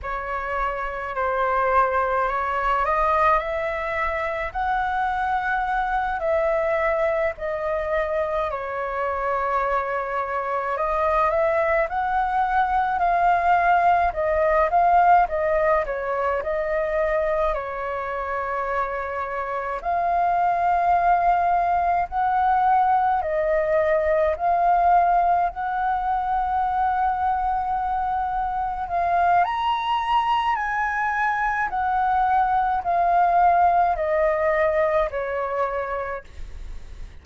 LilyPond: \new Staff \with { instrumentName = "flute" } { \time 4/4 \tempo 4 = 53 cis''4 c''4 cis''8 dis''8 e''4 | fis''4. e''4 dis''4 cis''8~ | cis''4. dis''8 e''8 fis''4 f''8~ | f''8 dis''8 f''8 dis''8 cis''8 dis''4 cis''8~ |
cis''4. f''2 fis''8~ | fis''8 dis''4 f''4 fis''4.~ | fis''4. f''8 ais''4 gis''4 | fis''4 f''4 dis''4 cis''4 | }